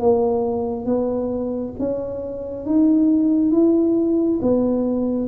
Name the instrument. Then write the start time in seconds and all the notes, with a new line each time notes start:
tuba
0.00 A#3
0.85 B3
1.79 C#4
2.66 D#4
3.51 E4
4.42 B3